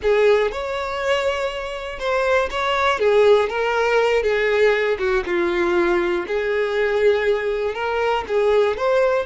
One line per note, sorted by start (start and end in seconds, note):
0.02 0.51 G#4
0.51 1.99 C#5
1.99 2.49 C5
2.50 2.99 C#5
2.99 3.49 G#4
3.49 4.22 A#4
4.22 4.97 G#4
4.98 5.23 F#4
5.26 6.26 F4
6.27 7.74 G#4
7.74 8.24 A#4
8.28 8.77 G#4
8.77 9.25 C5